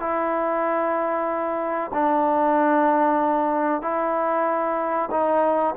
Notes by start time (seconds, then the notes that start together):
0.00 E4
1.94 D4
3.82 E4
5.12 D#4